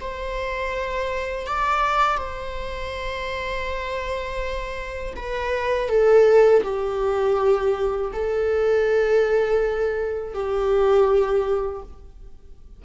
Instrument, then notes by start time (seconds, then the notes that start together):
viola
0.00 C5
1.47 D5
2.18 C5
5.16 B4
5.89 A4
6.63 G4
8.12 A4
10.34 G4